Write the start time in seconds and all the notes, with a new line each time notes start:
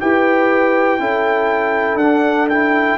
0.00 E4 G4 B4 G5
0.99 C#4 E4 A4
1.95 D4 F#5
2.49 E4 G5